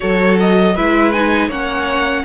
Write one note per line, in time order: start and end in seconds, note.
0.00 0.77 F#3
0.00 0.74 F#4
0.00 0.75 A4
0.00 0.37 C#5
0.40 0.76 D#5
0.75 1.48 G#3
0.75 1.13 E4
0.75 1.48 B4
0.75 1.12 E5
1.12 1.50 D#4
1.12 1.49 G#5
1.48 2.23 A#3
1.48 2.24 C#4
1.48 2.23 C#5
1.48 2.24 F#5